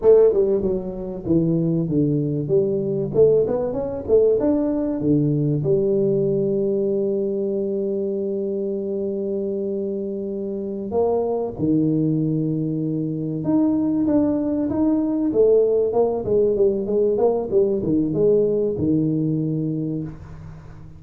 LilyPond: \new Staff \with { instrumentName = "tuba" } { \time 4/4 \tempo 4 = 96 a8 g8 fis4 e4 d4 | g4 a8 b8 cis'8 a8 d'4 | d4 g2.~ | g1~ |
g4. ais4 dis4.~ | dis4. dis'4 d'4 dis'8~ | dis'8 a4 ais8 gis8 g8 gis8 ais8 | g8 dis8 gis4 dis2 | }